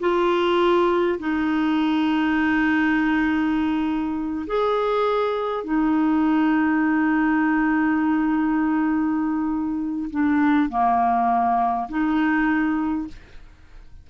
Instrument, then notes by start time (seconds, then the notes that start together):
clarinet
0.00 F4
1.19 D#4
4.47 G#4
5.64 D#4
10.10 D4
10.69 A#3
11.89 D#4